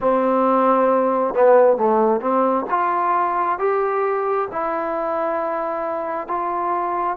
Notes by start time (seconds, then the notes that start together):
0.00 C4
1.34 B3
1.77 A3
2.21 C4
2.69 F4
3.59 G4
4.51 E4
6.27 F4